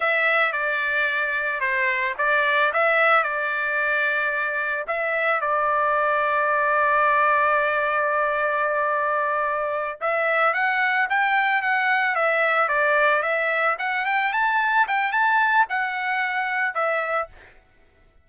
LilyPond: \new Staff \with { instrumentName = "trumpet" } { \time 4/4 \tempo 4 = 111 e''4 d''2 c''4 | d''4 e''4 d''2~ | d''4 e''4 d''2~ | d''1~ |
d''2~ d''8 e''4 fis''8~ | fis''8 g''4 fis''4 e''4 d''8~ | d''8 e''4 fis''8 g''8 a''4 g''8 | a''4 fis''2 e''4 | }